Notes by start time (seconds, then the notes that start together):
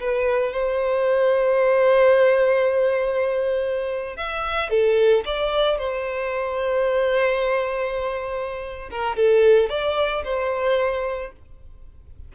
0.00 B4
0.53 C5
4.17 E5
4.70 A4
5.26 D5
5.79 C5
8.91 A#4
9.16 A4
9.70 D5
10.24 C5